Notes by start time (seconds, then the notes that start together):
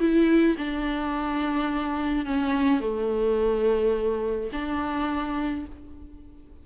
0.00 E4
0.58 D4
2.26 C#4
2.80 A3
4.53 D4